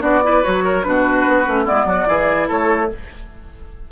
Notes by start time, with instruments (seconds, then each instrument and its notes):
0.00 bassoon B3, clarinet D4, oboe F#4, flute D5
0.23 clarinet E4, oboe B4
0.43 bassoon F#3, clarinet F#4, flute C#5
0.64 oboe A#4
0.83 bassoon B2, clarinet D4, oboe F#4, flute B4
1.27 bassoon B3
1.45 bassoon A3, clarinet C#4
1.64 bassoon G#3, clarinet B3, oboe E4, flute D5
1.85 bassoon F#3, oboe F#4
2.06 bassoon E3, clarinet E4, oboe G#4
2.48 bassoon A3, oboe A4, flute C#5